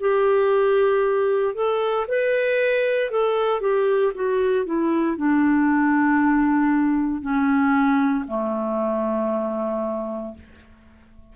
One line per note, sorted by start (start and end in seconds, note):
0.00 1.55 G4
1.55 2.06 A4
2.08 3.11 B4
3.11 3.61 A4
3.61 4.13 G4
4.15 4.66 F#4
4.66 5.17 E4
5.17 7.22 D4
7.22 8.25 C#4
8.28 10.34 A3